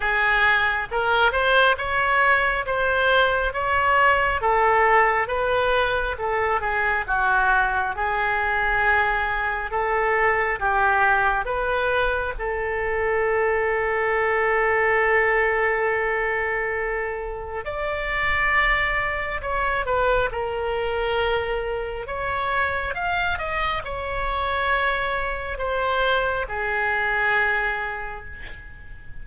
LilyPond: \new Staff \with { instrumentName = "oboe" } { \time 4/4 \tempo 4 = 68 gis'4 ais'8 c''8 cis''4 c''4 | cis''4 a'4 b'4 a'8 gis'8 | fis'4 gis'2 a'4 | g'4 b'4 a'2~ |
a'1 | d''2 cis''8 b'8 ais'4~ | ais'4 cis''4 f''8 dis''8 cis''4~ | cis''4 c''4 gis'2 | }